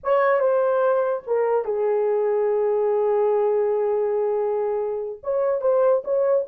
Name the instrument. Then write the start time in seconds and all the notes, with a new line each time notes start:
horn
0.03 C#5
0.39 C5
1.27 A#4
1.64 G#4
5.23 C#5
5.61 C5
6.04 C#5